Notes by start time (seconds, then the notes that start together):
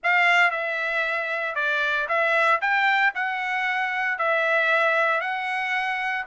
0.03 F5
0.51 E5
1.55 D5
2.08 E5
2.61 G5
3.14 F#5
4.18 E5
5.21 F#5